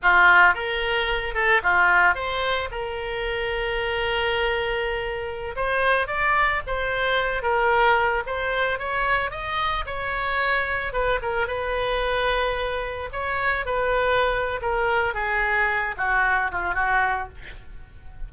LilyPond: \new Staff \with { instrumentName = "oboe" } { \time 4/4 \tempo 4 = 111 f'4 ais'4. a'8 f'4 | c''4 ais'2.~ | ais'2~ ais'16 c''4 d''8.~ | d''16 c''4. ais'4. c''8.~ |
c''16 cis''4 dis''4 cis''4.~ cis''16~ | cis''16 b'8 ais'8 b'2~ b'8.~ | b'16 cis''4 b'4.~ b'16 ais'4 | gis'4. fis'4 f'8 fis'4 | }